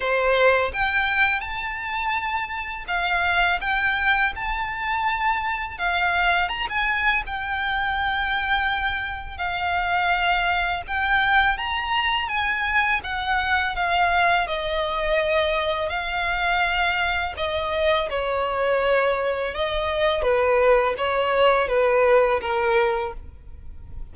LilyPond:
\new Staff \with { instrumentName = "violin" } { \time 4/4 \tempo 4 = 83 c''4 g''4 a''2 | f''4 g''4 a''2 | f''4 ais''16 gis''8. g''2~ | g''4 f''2 g''4 |
ais''4 gis''4 fis''4 f''4 | dis''2 f''2 | dis''4 cis''2 dis''4 | b'4 cis''4 b'4 ais'4 | }